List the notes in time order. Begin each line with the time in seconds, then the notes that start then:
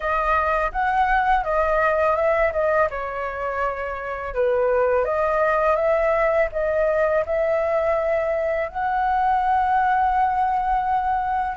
0.00 D#5
0.72 F#5
1.44 D#5
2.16 E5
2.52 D#5
2.89 C#5
4.34 B4
5.04 D#5
5.76 E5
6.52 D#5
7.25 E5
8.68 F#5